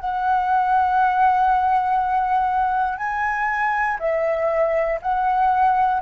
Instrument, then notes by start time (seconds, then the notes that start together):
flute
0.00 F#5
2.98 G#5
4.00 E5
5.02 F#5